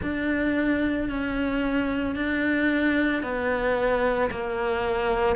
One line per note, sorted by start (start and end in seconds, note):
0.02 1.09 D4
1.09 2.15 C#4
2.15 3.22 D4
3.22 4.30 B3
4.31 5.36 A#3